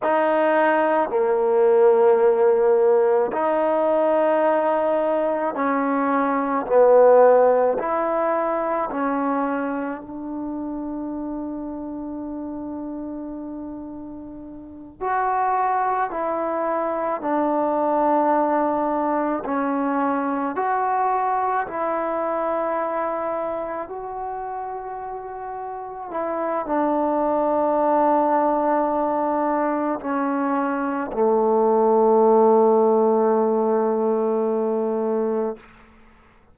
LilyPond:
\new Staff \with { instrumentName = "trombone" } { \time 4/4 \tempo 4 = 54 dis'4 ais2 dis'4~ | dis'4 cis'4 b4 e'4 | cis'4 d'2.~ | d'4. fis'4 e'4 d'8~ |
d'4. cis'4 fis'4 e'8~ | e'4. fis'2 e'8 | d'2. cis'4 | a1 | }